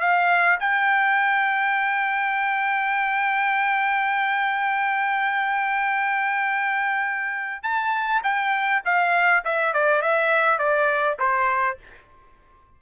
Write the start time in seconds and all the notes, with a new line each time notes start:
0.00 F5
0.60 G5
7.63 A5
8.23 G5
8.85 F5
9.44 E5
9.73 D5
10.02 E5
10.59 D5
11.19 C5